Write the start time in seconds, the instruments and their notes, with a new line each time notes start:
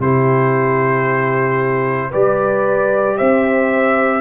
0.00 tuba C3, trombone E4, horn G4, trumpet C5
2.10 tuba G3, trombone G4, horn B4, trumpet D5
3.18 tuba C4, horn C5, trumpet E5